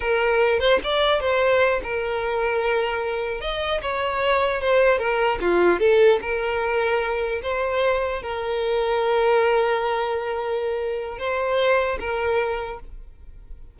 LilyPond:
\new Staff \with { instrumentName = "violin" } { \time 4/4 \tempo 4 = 150 ais'4. c''8 d''4 c''4~ | c''8 ais'2.~ ais'8~ | ais'8 dis''4 cis''2 c''8~ | c''8 ais'4 f'4 a'4 ais'8~ |
ais'2~ ais'8 c''4.~ | c''8 ais'2.~ ais'8~ | ais'1 | c''2 ais'2 | }